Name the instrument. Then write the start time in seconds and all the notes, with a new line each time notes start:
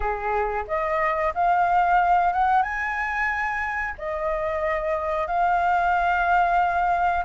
flute
0.00 G#4
0.67 D#5
1.34 F5
2.32 F#5
2.62 G#5
3.97 D#5
5.27 F5